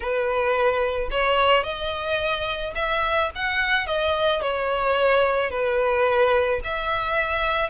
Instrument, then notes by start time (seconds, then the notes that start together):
violin
0.00 B4
1.11 C#5
1.63 D#5
2.75 E5
3.35 F#5
3.87 D#5
4.41 C#5
5.50 B4
6.63 E5